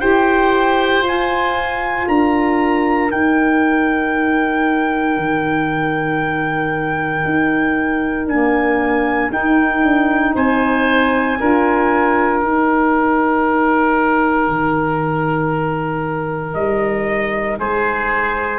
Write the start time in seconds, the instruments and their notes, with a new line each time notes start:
0.00 tuba E4, saxophone G4, oboe C5, trumpet G5
1.01 tuba F4, saxophone F4
1.07 trumpet G#5
2.07 tuba D4, oboe A#4, trumpet A#5
3.09 saxophone D#4, tuba D#4, trumpet G5
5.17 tuba D#3
7.25 tuba D#4
8.26 saxophone A#3, tuba D4, trumpet G#5
9.31 saxophone D#4, tuba D#4, trumpet G5
9.83 tuba D4
10.35 tuba C4, oboe C5, trumpet G#5
11.40 tuba D4, saxophone F4, oboe A#4
12.40 tuba D#4, saxophone D#4, trumpet G5
14.48 tuba D#3
16.54 tuba G3, trumpet D#5
17.59 tuba G#3, oboe G#4, trumpet C5